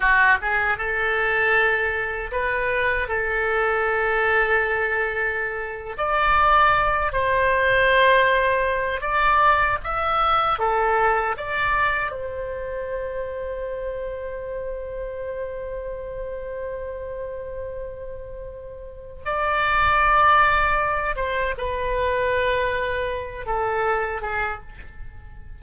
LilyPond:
\new Staff \with { instrumentName = "oboe" } { \time 4/4 \tempo 4 = 78 fis'8 gis'8 a'2 b'4 | a'2.~ a'8. d''16~ | d''4~ d''16 c''2~ c''8 d''16~ | d''8. e''4 a'4 d''4 c''16~ |
c''1~ | c''1~ | c''4 d''2~ d''8 c''8 | b'2~ b'8 a'4 gis'8 | }